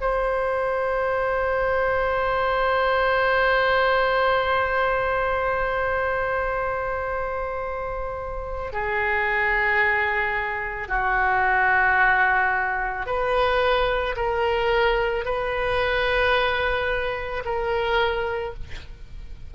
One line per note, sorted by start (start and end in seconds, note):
0.00 8.73 C5
8.73 10.88 G#4
10.88 13.06 F#4
13.06 14.15 B4
14.16 15.25 A#4
15.25 17.43 B4
17.44 18.54 A#4